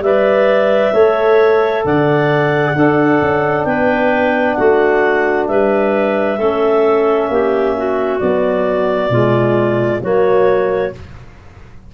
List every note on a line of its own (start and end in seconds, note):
0.00 0.91 G3
0.00 0.94 B4
0.00 0.93 D5
0.00 1.84 E5
0.93 1.84 A3
0.93 2.75 A4
0.93 1.84 C#5
1.85 2.76 D3
1.85 2.76 D5
1.85 3.64 F#5
2.75 6.39 D4
2.75 3.21 D4
2.75 3.67 A4
3.22 3.65 C#4
3.64 4.56 B3
3.64 4.58 B4
3.64 4.54 G5
4.54 5.49 A3
4.54 5.48 F#4
4.54 5.45 F#5
5.47 6.39 G3
5.47 6.38 B4
5.47 8.19 E5
6.38 7.29 A3
6.38 8.20 C#4
6.38 7.29 A4
7.29 8.20 A#3
7.29 7.77 G4
7.77 9.11 F#4
8.19 9.11 F#3
8.19 9.10 B3
8.19 10.01 D5
9.10 10.01 B2
9.10 10.02 G#3
9.10 10.02 F4
10.02 10.93 F#3
10.02 10.93 A#3
10.02 10.93 F#4
10.02 10.94 C#5